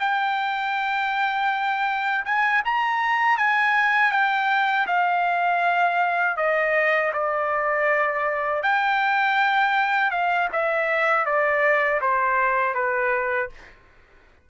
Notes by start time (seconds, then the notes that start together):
0.00 G5
2.25 G#5
2.65 A#5
3.38 G#5
4.12 G5
4.87 F5
6.37 D#5
7.13 D5
8.63 G5
10.11 F5
10.53 E5
11.26 D5
12.01 C5
12.75 B4